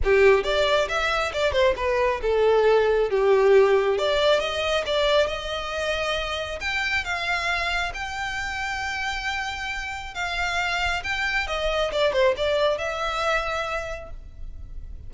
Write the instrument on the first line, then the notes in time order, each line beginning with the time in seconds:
violin
0.03 G4
0.43 D5
0.88 E5
1.33 D5
1.52 C5
1.76 B4
2.21 A4
3.10 G4
3.98 D5
4.40 D#5
4.86 D5
5.27 D#5
6.60 G5
7.04 F5
7.94 G5
10.14 F5
11.03 G5
11.47 D#5
11.92 D5
12.12 C5
12.36 D5
12.77 E5